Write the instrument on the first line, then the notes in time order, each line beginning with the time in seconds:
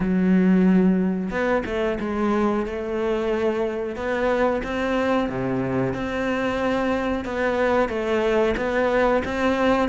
cello
0.00 F#3
1.30 B3
1.65 A3
2.00 G#3
2.66 A3
3.96 B3
4.63 C4
5.29 C3
5.93 C4
7.24 B3
7.89 A3
8.57 B3
9.25 C4